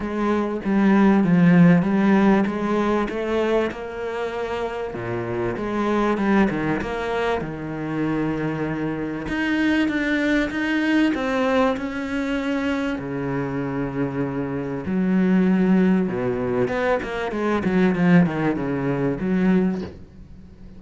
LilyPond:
\new Staff \with { instrumentName = "cello" } { \time 4/4 \tempo 4 = 97 gis4 g4 f4 g4 | gis4 a4 ais2 | ais,4 gis4 g8 dis8 ais4 | dis2. dis'4 |
d'4 dis'4 c'4 cis'4~ | cis'4 cis2. | fis2 b,4 b8 ais8 | gis8 fis8 f8 dis8 cis4 fis4 | }